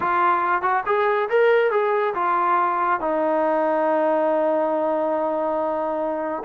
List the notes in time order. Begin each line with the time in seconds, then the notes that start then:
0.00 F4
0.62 F#4
0.86 G#4
1.29 A#4
1.71 G#4
2.14 F4
3.00 D#4